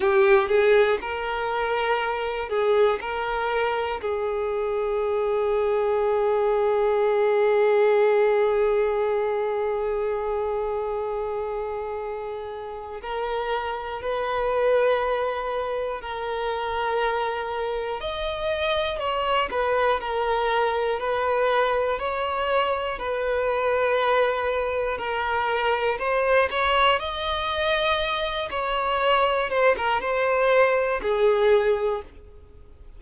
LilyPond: \new Staff \with { instrumentName = "violin" } { \time 4/4 \tempo 4 = 60 g'8 gis'8 ais'4. gis'8 ais'4 | gis'1~ | gis'1~ | gis'4 ais'4 b'2 |
ais'2 dis''4 cis''8 b'8 | ais'4 b'4 cis''4 b'4~ | b'4 ais'4 c''8 cis''8 dis''4~ | dis''8 cis''4 c''16 ais'16 c''4 gis'4 | }